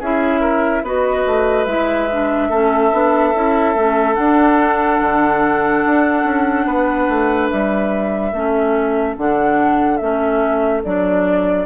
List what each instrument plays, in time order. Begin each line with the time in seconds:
0.00 bassoon C#4, clarinet E4, oboe G#4, flute E5
0.41 oboe A#4
0.83 bassoon B3, clarinet F#4, oboe B4, flute D#5
1.27 bassoon A3
1.65 bassoon G#3, clarinet E4, flute E5
2.12 clarinet D4
2.49 bassoon A3, clarinet C#4, oboe A4
2.93 bassoon B3, clarinet D4
3.35 bassoon C#4, clarinet E4
3.75 bassoon A3, clarinet C#4
4.15 clarinet D4, bassoon D4, flute F#5
5.01 bassoon D3
5.86 bassoon D4
6.24 bassoon C#4
6.66 bassoon B3, oboe B4
7.09 bassoon A3
7.50 bassoon G3, flute E5
8.33 bassoon A3, clarinet C#4, oboe A4
9.17 bassoon D3, clarinet D4, flute F#5
9.97 bassoon A3, clarinet C#4, flute E5
10.84 bassoon F#3, clarinet D4, flute D5